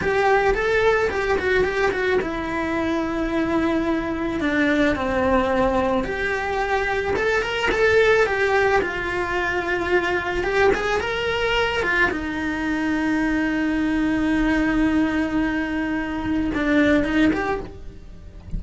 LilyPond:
\new Staff \with { instrumentName = "cello" } { \time 4/4 \tempo 4 = 109 g'4 a'4 g'8 fis'8 g'8 fis'8 | e'1 | d'4 c'2 g'4~ | g'4 a'8 ais'8 a'4 g'4 |
f'2. g'8 gis'8 | ais'4. f'8 dis'2~ | dis'1~ | dis'2 d'4 dis'8 g'8 | }